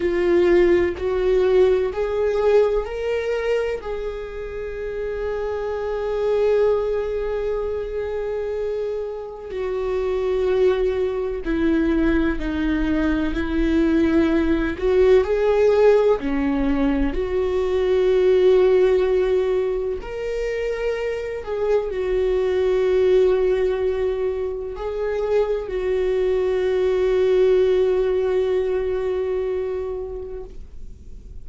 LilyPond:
\new Staff \with { instrumentName = "viola" } { \time 4/4 \tempo 4 = 63 f'4 fis'4 gis'4 ais'4 | gis'1~ | gis'2 fis'2 | e'4 dis'4 e'4. fis'8 |
gis'4 cis'4 fis'2~ | fis'4 ais'4. gis'8 fis'4~ | fis'2 gis'4 fis'4~ | fis'1 | }